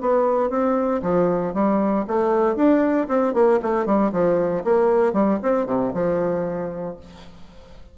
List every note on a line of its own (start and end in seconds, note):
0.00 0.49 B3
0.49 1.01 C4
1.02 1.53 F3
1.53 2.05 G3
2.07 2.55 A3
2.55 3.07 D4
3.08 3.33 C4
3.33 3.59 A#3
3.62 3.85 A3
3.85 4.11 G3
4.12 4.63 F3
4.64 5.13 A#3
5.13 5.38 G3
5.42 5.66 C4
5.66 5.92 C3
5.93 6.97 F3